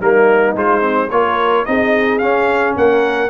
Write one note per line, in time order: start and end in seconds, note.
0.00 0.56 G3
0.00 0.57 A#3
0.00 1.10 D#4
0.00 0.57 A#4
0.56 1.11 G#3
0.56 0.81 F4
0.56 1.10 C5
0.81 1.09 C4
1.10 1.66 A#3
1.10 1.67 F4
1.10 1.68 A#4
1.10 1.65 C#5
1.66 2.21 C4
1.66 2.21 D#4
1.66 2.78 G#4
1.66 2.19 D#5
2.19 3.30 C#4
2.19 2.76 C#4
2.19 2.74 F5
2.76 3.30 A#3
2.76 3.30 A#4
2.76 3.30 F#5